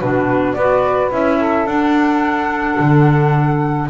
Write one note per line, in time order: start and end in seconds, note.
0.00 0.55 B2
0.00 0.57 D4
0.00 0.55 F#4
0.00 0.54 B4
0.54 1.11 B3
0.54 1.11 F#4
0.54 1.39 B4
0.54 1.09 D5
1.11 1.66 C#4
1.11 1.67 E4
1.11 1.67 E5
1.39 3.89 A4
1.66 2.77 D4
1.66 3.89 D4
1.66 3.89 F#5
2.80 3.89 D3